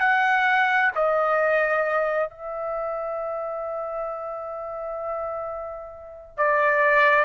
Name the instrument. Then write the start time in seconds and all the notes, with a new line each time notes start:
trumpet
0.00 F#5
0.95 D#5
2.30 E5
6.37 D5